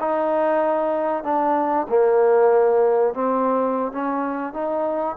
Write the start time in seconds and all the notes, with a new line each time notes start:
0.00 D#4
1.24 D4
1.89 A#3
3.14 C4
3.92 C#4
4.54 D#4